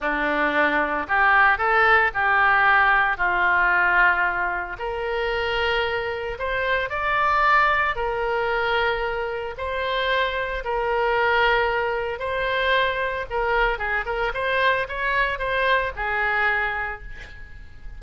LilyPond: \new Staff \with { instrumentName = "oboe" } { \time 4/4 \tempo 4 = 113 d'2 g'4 a'4 | g'2 f'2~ | f'4 ais'2. | c''4 d''2 ais'4~ |
ais'2 c''2 | ais'2. c''4~ | c''4 ais'4 gis'8 ais'8 c''4 | cis''4 c''4 gis'2 | }